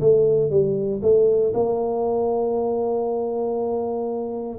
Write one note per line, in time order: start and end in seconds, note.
0.00 0.50 A3
0.50 1.01 G3
1.02 1.53 A3
1.53 4.59 A#3